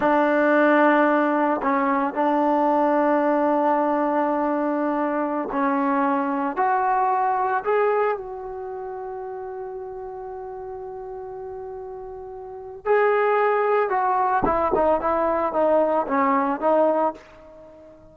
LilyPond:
\new Staff \with { instrumentName = "trombone" } { \time 4/4 \tempo 4 = 112 d'2. cis'4 | d'1~ | d'2~ d'16 cis'4.~ cis'16~ | cis'16 fis'2 gis'4 fis'8.~ |
fis'1~ | fis'1 | gis'2 fis'4 e'8 dis'8 | e'4 dis'4 cis'4 dis'4 | }